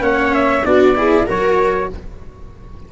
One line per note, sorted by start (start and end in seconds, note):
0.00 0.62 A#3
0.00 0.63 C#4
0.00 0.64 C#5
0.00 0.34 F#5
0.34 0.65 E5
0.64 1.27 B3
0.64 0.95 D4
0.64 0.95 F#4
0.64 1.28 D5
0.95 1.26 E4
0.95 1.26 G#4
1.26 1.91 F#3
1.26 1.89 F#4
1.26 1.88 A#4
1.26 1.91 C#5